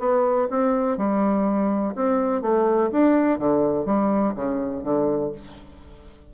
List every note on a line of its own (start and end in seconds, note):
0.00 0.48 B3
0.51 0.98 C4
0.98 1.95 G3
1.96 2.42 C4
2.42 2.91 A3
2.93 3.39 D4
3.39 3.86 D3
3.86 4.34 G3
4.35 4.84 C#3
4.84 5.32 D3